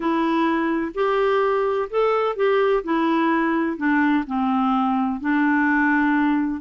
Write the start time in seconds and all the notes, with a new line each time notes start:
0.00 E4
0.94 G4
1.90 A4
2.36 G4
2.83 E4
3.77 D4
4.26 C4
5.20 D4